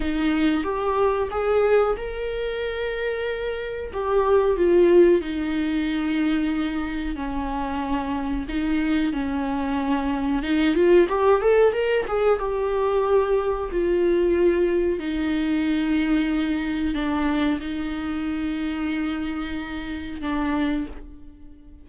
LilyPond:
\new Staff \with { instrumentName = "viola" } { \time 4/4 \tempo 4 = 92 dis'4 g'4 gis'4 ais'4~ | ais'2 g'4 f'4 | dis'2. cis'4~ | cis'4 dis'4 cis'2 |
dis'8 f'8 g'8 a'8 ais'8 gis'8 g'4~ | g'4 f'2 dis'4~ | dis'2 d'4 dis'4~ | dis'2. d'4 | }